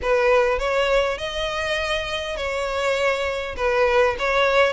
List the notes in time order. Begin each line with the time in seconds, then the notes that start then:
0.02 B4
0.59 C#5
1.17 D#5
2.36 C#5
3.56 B4
4.18 C#5